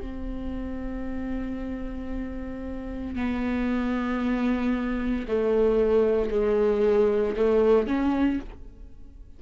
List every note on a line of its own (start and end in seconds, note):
0.00 3.15 C4
3.15 5.26 B3
5.28 6.30 A3
6.30 7.35 G#3
7.36 7.87 A3
7.87 8.40 C#4